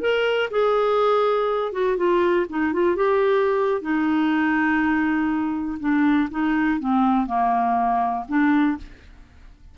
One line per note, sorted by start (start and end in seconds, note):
0.00 0.49 A#4
0.50 1.72 G#4
1.72 1.96 F#4
1.96 2.46 F4
2.49 2.73 D#4
2.73 2.95 F4
2.95 3.81 G4
3.81 5.78 D#4
5.79 6.29 D4
6.30 6.79 D#4
6.79 7.26 C4
7.26 8.24 A#3
8.28 8.77 D4